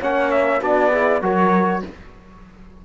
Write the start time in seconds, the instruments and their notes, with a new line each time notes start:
0.00 cello A#3, trombone C#4, horn C#5, trumpet F#5
0.32 trumpet E5
0.61 cello B3, trombone D4, horn F#4, trumpet D5
0.91 trombone E4, horn G#4
1.22 cello F#3, trombone F#4, horn A#4, trumpet C#5